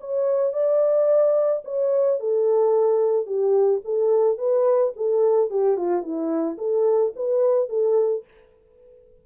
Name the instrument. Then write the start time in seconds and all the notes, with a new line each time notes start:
horn
0.00 C#5
0.53 D5
1.64 C#5
2.19 A4
3.26 G4
3.84 A4
4.38 B4
4.96 A4
5.50 G4
5.77 F4
6.02 E4
6.58 A4
7.16 B4
7.69 A4